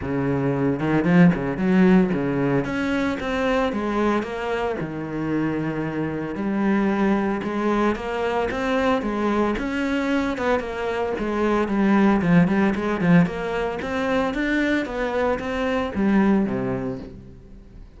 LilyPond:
\new Staff \with { instrumentName = "cello" } { \time 4/4 \tempo 4 = 113 cis4. dis8 f8 cis8 fis4 | cis4 cis'4 c'4 gis4 | ais4 dis2. | g2 gis4 ais4 |
c'4 gis4 cis'4. b8 | ais4 gis4 g4 f8 g8 | gis8 f8 ais4 c'4 d'4 | b4 c'4 g4 c4 | }